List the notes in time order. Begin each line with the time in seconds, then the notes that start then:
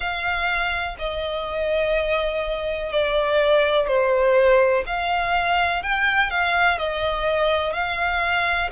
0.00 F5
0.99 D#5
2.92 D5
3.87 C5
4.86 F5
5.82 G5
6.30 F5
6.77 D#5
7.73 F5